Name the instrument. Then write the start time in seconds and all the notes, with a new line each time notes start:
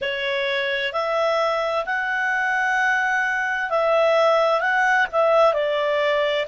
clarinet
0.01 C#5
0.92 E5
1.85 F#5
3.69 E5
4.60 F#5
5.11 E5
5.53 D5